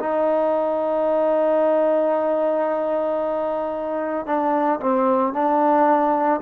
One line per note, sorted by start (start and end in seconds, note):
0.00 4.26 D#4
4.26 4.80 D4
4.80 5.33 C4
5.33 6.40 D4